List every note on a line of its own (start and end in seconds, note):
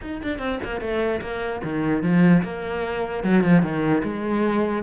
0.01 0.21 D#4
0.23 0.39 D4
0.39 0.59 C4
0.63 0.80 A#3
0.80 1.21 A3
1.21 1.61 A#3
1.63 2.02 D#3
2.02 2.43 F3
2.43 3.23 A#3
3.23 3.43 F#3
3.43 3.62 F3
3.62 4.02 D#3
4.03 4.82 G#3